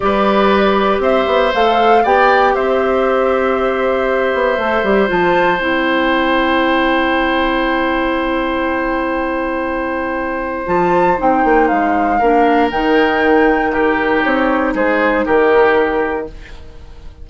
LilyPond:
<<
  \new Staff \with { instrumentName = "flute" } { \time 4/4 \tempo 4 = 118 d''2 e''4 f''4 | g''4 e''2.~ | e''2 a''4 g''4~ | g''1~ |
g''1~ | g''4 a''4 g''4 f''4~ | f''4 g''2 ais'4 | cis''4 c''4 ais'2 | }
  \new Staff \with { instrumentName = "oboe" } { \time 4/4 b'2 c''2 | d''4 c''2.~ | c''1~ | c''1~ |
c''1~ | c''1 | ais'2. g'4~ | g'4 gis'4 g'2 | }
  \new Staff \with { instrumentName = "clarinet" } { \time 4/4 g'2. a'4 | g'1~ | g'4 a'8 g'8 f'4 e'4~ | e'1~ |
e'1~ | e'4 f'4 dis'2 | d'4 dis'2.~ | dis'1 | }
  \new Staff \with { instrumentName = "bassoon" } { \time 4/4 g2 c'8 b8 a4 | b4 c'2.~ | c'8 b8 a8 g8 f4 c'4~ | c'1~ |
c'1~ | c'4 f4 c'8 ais8 gis4 | ais4 dis2. | c'4 gis4 dis2 | }
>>